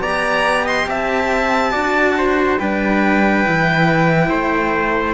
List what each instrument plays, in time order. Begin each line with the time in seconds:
0.00 cello B3 G4, trumpet D5, violin A#5
0.65 trumpet D#5, violin C6
0.87 cello C4, trumpet E5, violin A5
1.72 cello D4 F#4, trumpet D5
2.18 trumpet C5
2.59 cello G3 D4, trumpet B4, violin G5
3.46 cello E3 E4
4.30 cello A3, trumpet C5